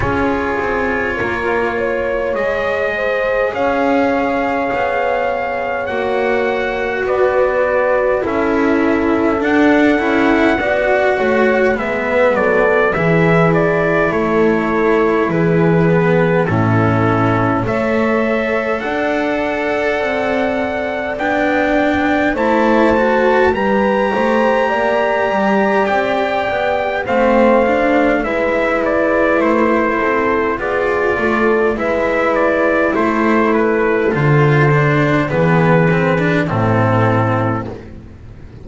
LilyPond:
<<
  \new Staff \with { instrumentName = "trumpet" } { \time 4/4 \tempo 4 = 51 cis''2 dis''4 f''4~ | f''4 fis''4 d''4 e''4 | fis''2 e''8 d''8 e''8 d''8 | cis''4 b'4 a'4 e''4 |
fis''2 g''4 a''4 | ais''2 g''4 f''4 | e''8 d''8 c''4 d''4 e''8 d''8 | c''8 b'8 c''4 b'4 a'4 | }
  \new Staff \with { instrumentName = "horn" } { \time 4/4 gis'4 ais'8 cis''4 c''8 cis''4~ | cis''2 b'4 a'4~ | a'4 d''8 cis''8 b'8 a'8 gis'4 | a'4 gis'4 e'4 cis''4 |
d''2. c''4 | b'8 c''8 d''2 c''4 | b'4. a'8 gis'8 a'8 b'4 | a'2 gis'4 e'4 | }
  \new Staff \with { instrumentName = "cello" } { \time 4/4 f'2 gis'2~ | gis'4 fis'2 e'4 | d'8 e'8 fis'4 b4 e'4~ | e'4. b8 cis'4 a'4~ |
a'2 d'4 e'8 fis'8 | g'2. c'8 d'8 | e'2 f'4 e'4~ | e'4 f'8 d'8 b8 c'16 d'16 c'4 | }
  \new Staff \with { instrumentName = "double bass" } { \time 4/4 cis'8 c'8 ais4 gis4 cis'4 | b4 ais4 b4 cis'4 | d'8 cis'8 b8 a8 gis8 fis8 e4 | a4 e4 a,4 a4 |
d'4 c'4 b4 a4 | g8 a8 ais8 g8 c'8 b8 a4 | gis4 a8 c'8 b8 a8 gis4 | a4 d4 e4 a,4 | }
>>